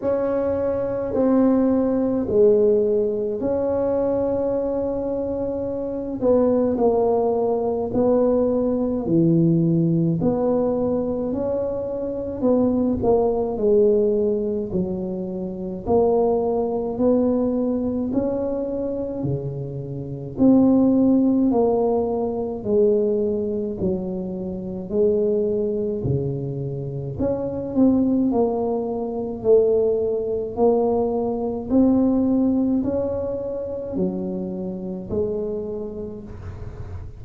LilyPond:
\new Staff \with { instrumentName = "tuba" } { \time 4/4 \tempo 4 = 53 cis'4 c'4 gis4 cis'4~ | cis'4. b8 ais4 b4 | e4 b4 cis'4 b8 ais8 | gis4 fis4 ais4 b4 |
cis'4 cis4 c'4 ais4 | gis4 fis4 gis4 cis4 | cis'8 c'8 ais4 a4 ais4 | c'4 cis'4 fis4 gis4 | }